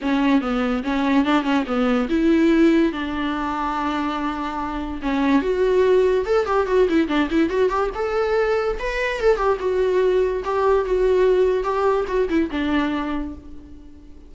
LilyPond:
\new Staff \with { instrumentName = "viola" } { \time 4/4 \tempo 4 = 144 cis'4 b4 cis'4 d'8 cis'8 | b4 e'2 d'4~ | d'1 | cis'4 fis'2 a'8 g'8 |
fis'8 e'8 d'8 e'8 fis'8 g'8 a'4~ | a'4 b'4 a'8 g'8 fis'4~ | fis'4 g'4 fis'2 | g'4 fis'8 e'8 d'2 | }